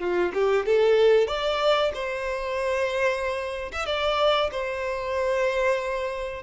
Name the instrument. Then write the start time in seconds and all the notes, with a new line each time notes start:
violin
0.00 F4
0.34 G4
0.67 A4
1.28 D5
1.95 C5
3.73 E5
3.87 D5
4.52 C5